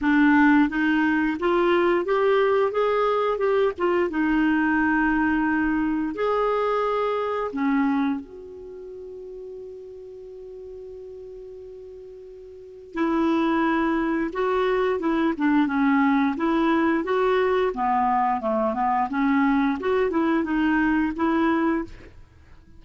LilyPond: \new Staff \with { instrumentName = "clarinet" } { \time 4/4 \tempo 4 = 88 d'4 dis'4 f'4 g'4 | gis'4 g'8 f'8 dis'2~ | dis'4 gis'2 cis'4 | fis'1~ |
fis'2. e'4~ | e'4 fis'4 e'8 d'8 cis'4 | e'4 fis'4 b4 a8 b8 | cis'4 fis'8 e'8 dis'4 e'4 | }